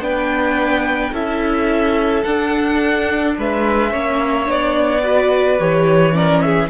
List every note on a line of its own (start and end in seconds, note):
0.00 1.11 B3
0.00 1.12 D4
0.00 1.14 B4
0.00 1.15 G5
1.12 2.24 C#4
1.12 2.25 E4
1.12 3.36 A4
1.12 2.24 E5
2.24 3.37 D4
2.24 3.92 D4
2.24 3.35 F#5
3.38 3.94 G#3
3.38 3.91 B4
3.38 4.51 E5
3.91 4.49 A#3
3.91 4.46 C#4
3.91 5.02 C#5
4.46 5.60 B3
4.46 5.01 D4
4.46 5.61 D5
5.03 5.59 F#4
5.03 6.14 B4
5.60 6.70 E3
5.60 6.13 G4
5.60 6.15 C#5
6.13 6.69 C#4
6.13 6.44 A#4
6.13 6.41 D5
6.41 6.70 G#4
6.41 6.69 E5